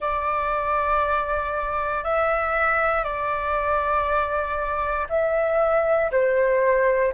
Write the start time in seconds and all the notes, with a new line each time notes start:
0.00 D5
2.03 E5
3.04 D5
5.09 E5
6.11 C5